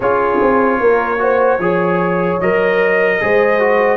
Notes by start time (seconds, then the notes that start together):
0.00 C#4 F4 G#4 C#5
0.40 C4
0.80 A#3 A#4
1.19 F#4 C5
1.59 F3 G#4 C#5
2.40 F#3 A#4 D#5
3.21 G#3 G#4 C5
3.59 F#4